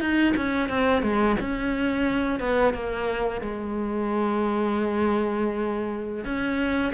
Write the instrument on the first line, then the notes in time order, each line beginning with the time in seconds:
cello
0.00 D#4
0.36 C#4
0.69 C4
1.02 G#3
1.40 C#4
2.40 B3
2.74 A#3
3.41 G#3
6.25 C#4